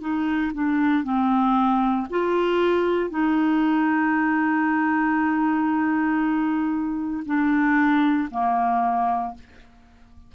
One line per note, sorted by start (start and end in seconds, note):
0.00 0.52 D#4
0.53 1.03 D4
1.03 2.07 C4
2.10 3.09 F4
3.09 7.23 D#4
7.25 8.29 D4
8.30 9.34 A#3